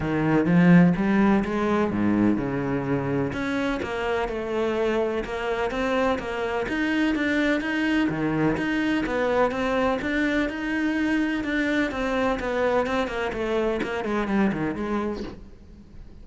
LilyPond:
\new Staff \with { instrumentName = "cello" } { \time 4/4 \tempo 4 = 126 dis4 f4 g4 gis4 | gis,4 cis2 cis'4 | ais4 a2 ais4 | c'4 ais4 dis'4 d'4 |
dis'4 dis4 dis'4 b4 | c'4 d'4 dis'2 | d'4 c'4 b4 c'8 ais8 | a4 ais8 gis8 g8 dis8 gis4 | }